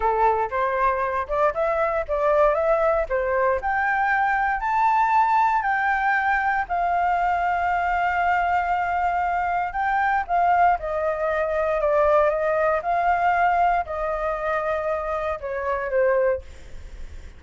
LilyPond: \new Staff \with { instrumentName = "flute" } { \time 4/4 \tempo 4 = 117 a'4 c''4. d''8 e''4 | d''4 e''4 c''4 g''4~ | g''4 a''2 g''4~ | g''4 f''2.~ |
f''2. g''4 | f''4 dis''2 d''4 | dis''4 f''2 dis''4~ | dis''2 cis''4 c''4 | }